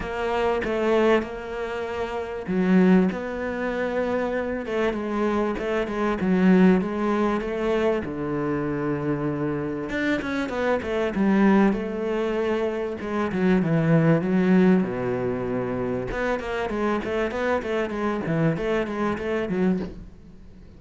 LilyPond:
\new Staff \with { instrumentName = "cello" } { \time 4/4 \tempo 4 = 97 ais4 a4 ais2 | fis4 b2~ b8 a8 | gis4 a8 gis8 fis4 gis4 | a4 d2. |
d'8 cis'8 b8 a8 g4 a4~ | a4 gis8 fis8 e4 fis4 | b,2 b8 ais8 gis8 a8 | b8 a8 gis8 e8 a8 gis8 a8 fis8 | }